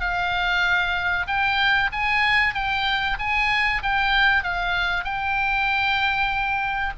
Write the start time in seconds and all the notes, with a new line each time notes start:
0.00 F5
1.27 G5
1.92 G#5
2.54 G5
3.19 G#5
3.83 G5
4.44 F5
5.04 G5